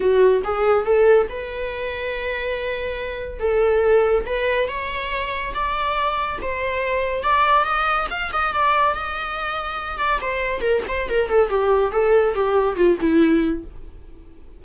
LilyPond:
\new Staff \with { instrumentName = "viola" } { \time 4/4 \tempo 4 = 141 fis'4 gis'4 a'4 b'4~ | b'1 | a'2 b'4 cis''4~ | cis''4 d''2 c''4~ |
c''4 d''4 dis''4 f''8 dis''8 | d''4 dis''2~ dis''8 d''8 | c''4 ais'8 c''8 ais'8 a'8 g'4 | a'4 g'4 f'8 e'4. | }